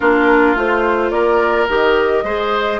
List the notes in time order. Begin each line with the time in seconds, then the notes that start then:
0.00 A#3 D4 F4 A#4
0.55 A3 F4 C5
1.10 A#3 A#4 D5
1.68 D#3 G4 D#5
2.23 G#3 G#4 C5